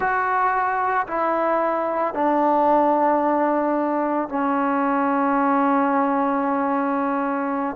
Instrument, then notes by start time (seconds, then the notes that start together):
trombone
0.00 F#4
1.07 E4
2.14 D4
4.29 C#4